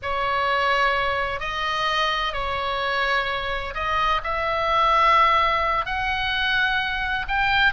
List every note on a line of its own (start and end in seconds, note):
0.02 1.40 C#5
1.40 2.33 D#5
2.33 3.74 C#5
3.74 4.21 D#5
4.23 5.85 E5
5.85 7.26 F#5
7.27 7.73 G5